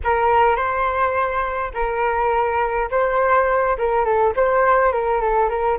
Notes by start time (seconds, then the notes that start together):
0.04 A#4
0.56 C5
1.74 A#4
2.90 C5
3.78 A#4
4.04 A4
4.36 C5
4.92 A#4
5.21 A4
5.49 A#4